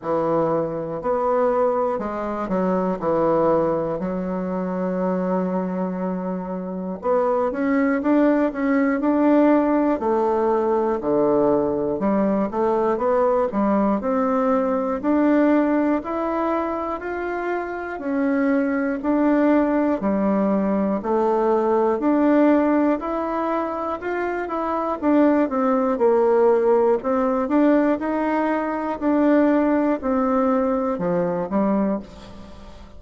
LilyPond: \new Staff \with { instrumentName = "bassoon" } { \time 4/4 \tempo 4 = 60 e4 b4 gis8 fis8 e4 | fis2. b8 cis'8 | d'8 cis'8 d'4 a4 d4 | g8 a8 b8 g8 c'4 d'4 |
e'4 f'4 cis'4 d'4 | g4 a4 d'4 e'4 | f'8 e'8 d'8 c'8 ais4 c'8 d'8 | dis'4 d'4 c'4 f8 g8 | }